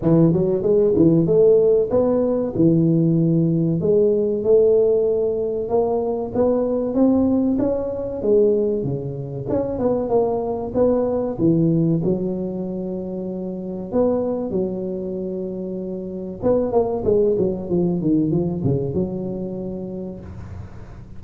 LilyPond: \new Staff \with { instrumentName = "tuba" } { \time 4/4 \tempo 4 = 95 e8 fis8 gis8 e8 a4 b4 | e2 gis4 a4~ | a4 ais4 b4 c'4 | cis'4 gis4 cis4 cis'8 b8 |
ais4 b4 e4 fis4~ | fis2 b4 fis4~ | fis2 b8 ais8 gis8 fis8 | f8 dis8 f8 cis8 fis2 | }